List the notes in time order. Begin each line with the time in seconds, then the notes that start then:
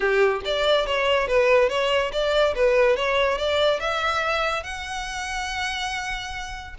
0.00 G4
0.44 D5
0.86 C#5
1.27 B4
1.69 C#5
2.12 D5
2.55 B4
2.96 C#5
3.38 D5
3.80 E5
4.63 F#5